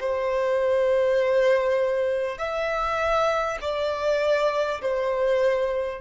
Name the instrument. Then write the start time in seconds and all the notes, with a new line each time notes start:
violin
0.00 C5
2.38 E5
3.61 D5
4.81 C5